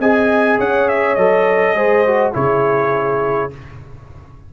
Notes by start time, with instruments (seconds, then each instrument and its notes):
0.00 tuba C4, trombone G#4, horn D#5, trumpet G#5
0.59 tuba C#4, horn C#5, trumpet F#5
0.89 trumpet E5
1.15 tuba F#3, trombone A4, trumpet D#5
1.74 tuba G#3, trombone G#4, horn C5
2.07 trombone F#4
2.33 tuba C#3, trombone E4, horn G#4, trumpet C#5